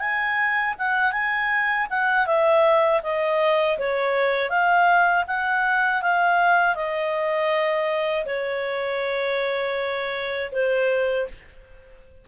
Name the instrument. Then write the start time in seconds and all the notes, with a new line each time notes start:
clarinet
0.00 G#5
0.79 F#5
1.12 G#5
1.90 F#5
2.27 E5
3.03 D#5
3.79 C#5
4.50 F5
5.28 F#5
6.02 F5
6.75 D#5
8.26 C#5
10.52 C5